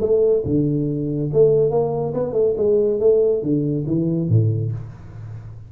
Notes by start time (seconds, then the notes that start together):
0.00 A3
0.45 D3
1.33 A3
1.70 A#3
2.14 B3
2.33 A3
2.57 G#3
3.00 A3
3.42 D3
3.87 E3
4.29 A2